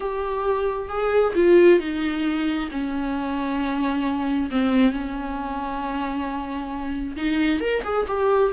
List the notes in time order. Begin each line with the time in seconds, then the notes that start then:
0.00 G4
0.89 G#4
1.35 F4
1.79 D#4
2.71 C#4
4.50 C4
4.92 C#4
7.16 D#4
7.60 A#4
7.84 G#4
8.07 G4